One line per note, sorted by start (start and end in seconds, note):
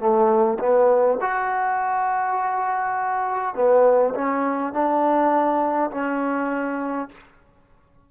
0.00 0.59 A3
0.60 1.19 B3
1.21 3.56 F#4
3.56 4.14 B3
4.15 4.73 C#4
4.73 5.91 D4
5.91 7.09 C#4